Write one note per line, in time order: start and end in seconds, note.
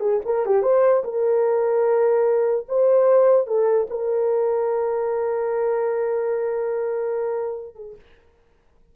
0.00 0.20 G#4
0.26 0.46 A#4
0.46 0.63 G4
0.63 1.03 C5
1.04 2.66 A#4
2.69 3.47 C5
3.47 3.87 A4
3.90 7.75 A#4
7.75 7.96 G#4